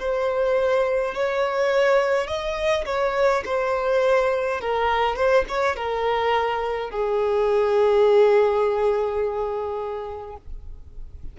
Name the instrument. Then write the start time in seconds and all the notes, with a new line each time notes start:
violin
0.00 C5
1.14 C#5
2.27 D#5
2.86 C#5
3.46 C5
4.61 A#4
5.16 C5
5.49 C#5
5.76 A#4
6.91 G#4